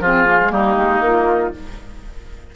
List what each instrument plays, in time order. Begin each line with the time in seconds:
0.00 bassoon F3, clarinet C4, oboe F4, flute G#4
0.26 clarinet A#3
0.41 clarinet G#3
0.51 bassoon G3, clarinet A#3, oboe D#4, flute G4
0.77 bassoon G#3
1.01 bassoon A#3, flute F4